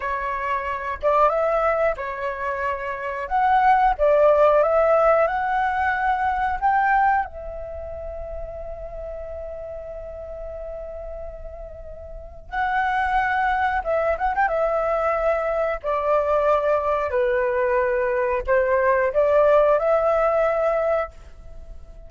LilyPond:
\new Staff \with { instrumentName = "flute" } { \time 4/4 \tempo 4 = 91 cis''4. d''8 e''4 cis''4~ | cis''4 fis''4 d''4 e''4 | fis''2 g''4 e''4~ | e''1~ |
e''2. fis''4~ | fis''4 e''8 fis''16 g''16 e''2 | d''2 b'2 | c''4 d''4 e''2 | }